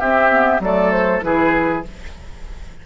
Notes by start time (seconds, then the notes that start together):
0.00 C4 G4 E5
0.30 B3
0.60 F#3 A3 A4 D5
0.92 C5
1.22 E3 E4 G#4 B4